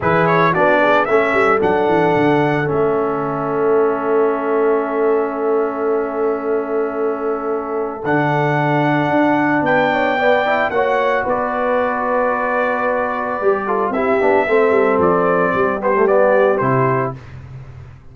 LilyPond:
<<
  \new Staff \with { instrumentName = "trumpet" } { \time 4/4 \tempo 4 = 112 b'8 cis''8 d''4 e''4 fis''4~ | fis''4 e''2.~ | e''1~ | e''2. fis''4~ |
fis''2 g''2 | fis''4 d''2.~ | d''2 e''2 | d''4. c''8 d''4 c''4 | }
  \new Staff \with { instrumentName = "horn" } { \time 4/4 gis'4 fis'8 gis'8 a'2~ | a'1~ | a'1~ | a'1~ |
a'2 b'8 cis''8 d''4 | cis''4 b'2.~ | b'4. a'8 g'4 a'4~ | a'4 g'2. | }
  \new Staff \with { instrumentName = "trombone" } { \time 4/4 e'4 d'4 cis'4 d'4~ | d'4 cis'2.~ | cis'1~ | cis'2. d'4~ |
d'2. b8 e'8 | fis'1~ | fis'4 g'8 f'8 e'8 d'8 c'4~ | c'4. b16 a16 b4 e'4 | }
  \new Staff \with { instrumentName = "tuba" } { \time 4/4 e4 b4 a8 g8 fis8 e8 | d4 a2.~ | a1~ | a2. d4~ |
d4 d'4 b2 | ais4 b2.~ | b4 g4 c'8 b8 a8 g8 | f4 g2 c4 | }
>>